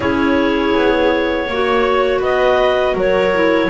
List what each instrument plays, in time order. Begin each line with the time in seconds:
0.00 double bass C#4, clarinet E4 C#5, viola G#4
0.74 double bass B3
1.48 double bass A#3, clarinet F#4, viola C#5
2.19 double bass B3, viola B4, clarinet D#5
2.94 double bass F#3, viola A#4, clarinet C#5
3.33 clarinet E4